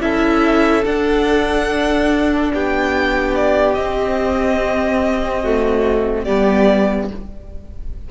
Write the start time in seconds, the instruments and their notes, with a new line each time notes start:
0.00 cello C#4, viola E4, violin A4 E5
0.84 viola D4, cello D4, violin F#5
2.53 cello B3, violin G4 G5
3.35 violin D5
3.74 cello C4, viola C4, violin D#5
5.42 viola A3, violin F#4
6.24 cello G3, viola B3, violin G4 D5